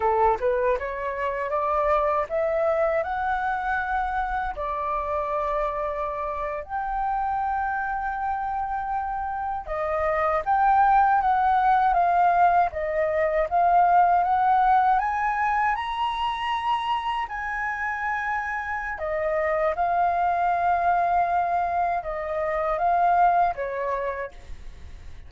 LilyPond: \new Staff \with { instrumentName = "flute" } { \time 4/4 \tempo 4 = 79 a'8 b'8 cis''4 d''4 e''4 | fis''2 d''2~ | d''8. g''2.~ g''16~ | g''8. dis''4 g''4 fis''4 f''16~ |
f''8. dis''4 f''4 fis''4 gis''16~ | gis''8. ais''2 gis''4~ gis''16~ | gis''4 dis''4 f''2~ | f''4 dis''4 f''4 cis''4 | }